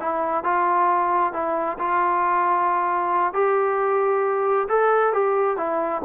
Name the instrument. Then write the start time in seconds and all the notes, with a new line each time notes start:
trombone
0.00 E4
0.44 F4
1.33 E4
1.78 F4
3.33 G4
4.69 A4
5.13 G4
5.57 E4